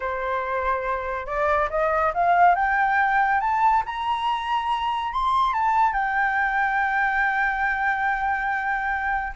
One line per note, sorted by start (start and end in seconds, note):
0.00 1.26 C5
1.26 1.68 D5
1.70 2.12 D#5
2.14 2.55 F5
2.55 3.40 G5
3.40 3.83 A5
3.85 5.12 A#5
5.12 5.53 C6
5.53 5.92 A5
5.92 9.33 G5